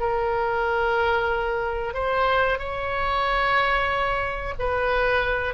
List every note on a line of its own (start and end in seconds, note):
0.00 1.94 A#4
1.94 2.59 C5
2.59 4.54 C#5
4.59 5.54 B4